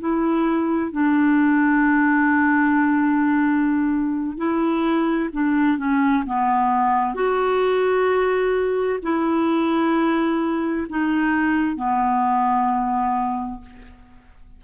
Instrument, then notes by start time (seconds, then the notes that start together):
clarinet
0.00 E4
0.92 D4
4.37 E4
5.32 D4
5.78 C#4
6.26 B3
7.15 F#4
9.03 E4
10.90 D#4
11.76 B3